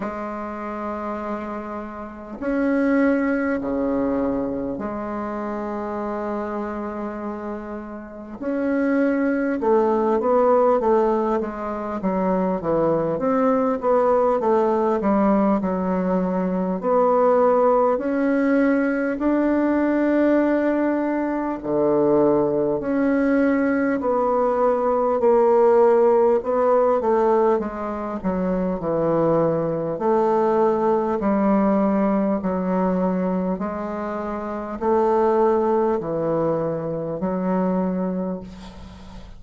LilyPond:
\new Staff \with { instrumentName = "bassoon" } { \time 4/4 \tempo 4 = 50 gis2 cis'4 cis4 | gis2. cis'4 | a8 b8 a8 gis8 fis8 e8 c'8 b8 | a8 g8 fis4 b4 cis'4 |
d'2 d4 cis'4 | b4 ais4 b8 a8 gis8 fis8 | e4 a4 g4 fis4 | gis4 a4 e4 fis4 | }